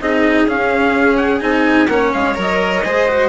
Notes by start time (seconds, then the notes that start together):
0.00 C4 D#4 G#4 D#5
0.45 C#4 F5
1.17 F#5
1.40 C4 D#4 G#5
1.88 A#3 C#4 C#5 F#5
2.13 G#3 F5
2.34 F#3 A#4
2.41 D#5
2.84 G#3 G#4 C5
3.08 F#4